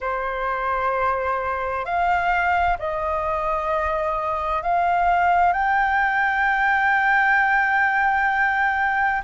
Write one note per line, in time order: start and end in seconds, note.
0.00 1.85 C5
1.85 2.77 F5
2.79 4.62 D#5
4.62 5.53 F5
5.53 9.22 G5